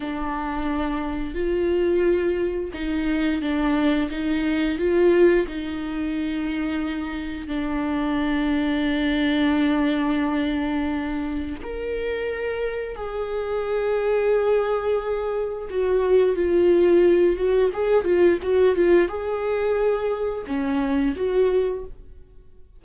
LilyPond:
\new Staff \with { instrumentName = "viola" } { \time 4/4 \tempo 4 = 88 d'2 f'2 | dis'4 d'4 dis'4 f'4 | dis'2. d'4~ | d'1~ |
d'4 ais'2 gis'4~ | gis'2. fis'4 | f'4. fis'8 gis'8 f'8 fis'8 f'8 | gis'2 cis'4 fis'4 | }